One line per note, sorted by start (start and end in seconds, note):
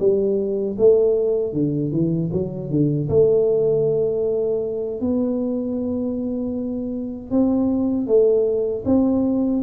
0.00 0.77 G3
0.78 1.53 A3
1.53 1.92 D3
1.92 2.31 E3
2.33 2.71 F#3
2.71 3.09 D3
3.09 5.01 A3
5.01 7.31 B3
7.31 8.07 C4
8.07 8.84 A3
8.86 9.63 C4